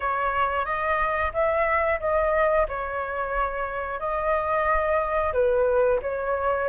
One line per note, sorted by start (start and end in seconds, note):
0.00 0.65 C#5
0.65 1.32 D#5
1.33 1.99 E5
2.00 2.66 D#5
2.68 3.99 C#5
3.99 5.32 D#5
5.33 5.99 B4
6.02 6.68 C#5